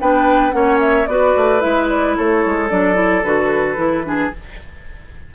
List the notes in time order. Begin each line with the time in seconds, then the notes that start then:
0.00 B3 D4 B4 G5
0.51 A#3 C#4 C#5 F#5
0.80 E5
1.06 B3 F#4 B4 D5
1.36 A3
1.60 G#3 E4 E5
1.89 D5
2.17 A3 A4 C#5
2.46 G#3
2.69 F#3 D4 D5
2.94 E4
3.23 D3 F#4 B4
3.76 E3 E4
4.04 D4 G#4